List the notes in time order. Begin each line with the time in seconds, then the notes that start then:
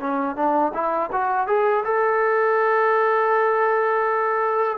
0.00 C#4
0.36 D4
0.74 E4
1.12 F#4
1.47 G#4
1.85 A4